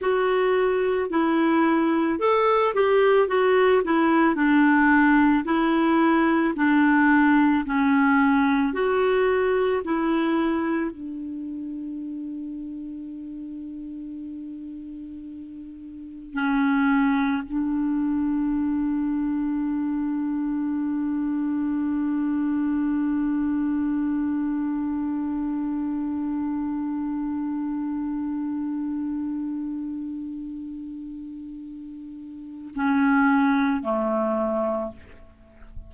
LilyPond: \new Staff \with { instrumentName = "clarinet" } { \time 4/4 \tempo 4 = 55 fis'4 e'4 a'8 g'8 fis'8 e'8 | d'4 e'4 d'4 cis'4 | fis'4 e'4 d'2~ | d'2. cis'4 |
d'1~ | d'1~ | d'1~ | d'2 cis'4 a4 | }